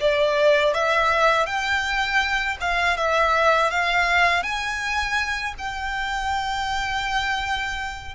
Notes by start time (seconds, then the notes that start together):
0.00 D5
0.74 E5
1.46 G5
2.61 F5
2.97 E5
3.70 F5
4.43 G#5
5.58 G5